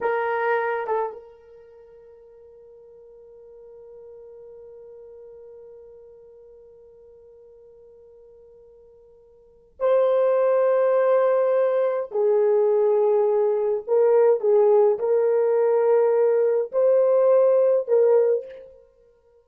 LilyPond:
\new Staff \with { instrumentName = "horn" } { \time 4/4 \tempo 4 = 104 ais'4. a'8 ais'2~ | ais'1~ | ais'1~ | ais'1~ |
ais'4 c''2.~ | c''4 gis'2. | ais'4 gis'4 ais'2~ | ais'4 c''2 ais'4 | }